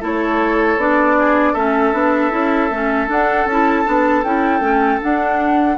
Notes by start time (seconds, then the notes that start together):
0.00 A3 E4 A4 C#5
0.76 B3 D4 D5
1.19 G#4
1.53 A3 C#4 A4 E5
1.92 B3 D4
2.30 C#4 E4
2.70 A3 C#4
3.07 D4 F#5
3.45 C#4 E4 A5
3.84 B3 D4
4.23 C#4 E4 G5
4.60 A3 C#4
5.01 D4 F#5